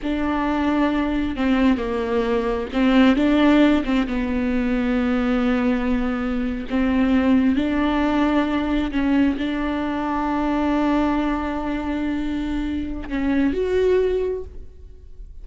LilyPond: \new Staff \with { instrumentName = "viola" } { \time 4/4 \tempo 4 = 133 d'2. c'4 | ais2 c'4 d'4~ | d'8 c'8 b2.~ | b2~ b8. c'4~ c'16~ |
c'8. d'2. cis'16~ | cis'8. d'2.~ d'16~ | d'1~ | d'4 cis'4 fis'2 | }